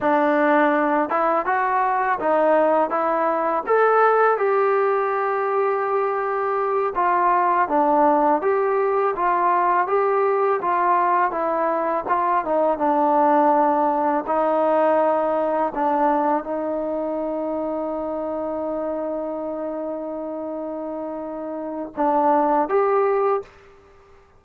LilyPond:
\new Staff \with { instrumentName = "trombone" } { \time 4/4 \tempo 4 = 82 d'4. e'8 fis'4 dis'4 | e'4 a'4 g'2~ | g'4. f'4 d'4 g'8~ | g'8 f'4 g'4 f'4 e'8~ |
e'8 f'8 dis'8 d'2 dis'8~ | dis'4. d'4 dis'4.~ | dis'1~ | dis'2 d'4 g'4 | }